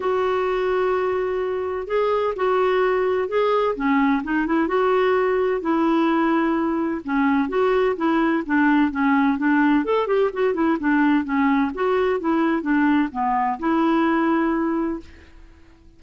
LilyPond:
\new Staff \with { instrumentName = "clarinet" } { \time 4/4 \tempo 4 = 128 fis'1 | gis'4 fis'2 gis'4 | cis'4 dis'8 e'8 fis'2 | e'2. cis'4 |
fis'4 e'4 d'4 cis'4 | d'4 a'8 g'8 fis'8 e'8 d'4 | cis'4 fis'4 e'4 d'4 | b4 e'2. | }